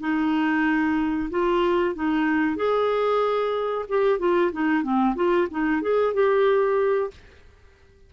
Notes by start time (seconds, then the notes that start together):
0.00 D#4
1.30 F4
1.95 D#4
2.56 G#4
3.89 G4
4.19 F4
4.52 D#4
4.83 C4
5.15 F4
5.50 D#4
5.82 G#4
6.13 G4